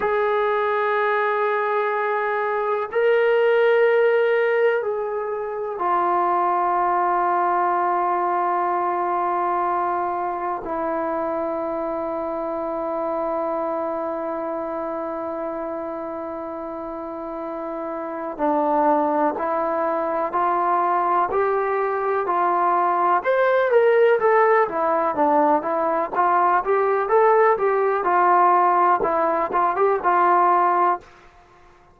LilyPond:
\new Staff \with { instrumentName = "trombone" } { \time 4/4 \tempo 4 = 62 gis'2. ais'4~ | ais'4 gis'4 f'2~ | f'2. e'4~ | e'1~ |
e'2. d'4 | e'4 f'4 g'4 f'4 | c''8 ais'8 a'8 e'8 d'8 e'8 f'8 g'8 | a'8 g'8 f'4 e'8 f'16 g'16 f'4 | }